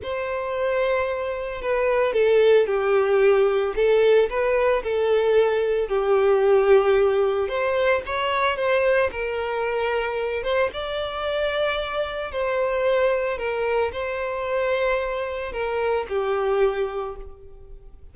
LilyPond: \new Staff \with { instrumentName = "violin" } { \time 4/4 \tempo 4 = 112 c''2. b'4 | a'4 g'2 a'4 | b'4 a'2 g'4~ | g'2 c''4 cis''4 |
c''4 ais'2~ ais'8 c''8 | d''2. c''4~ | c''4 ais'4 c''2~ | c''4 ais'4 g'2 | }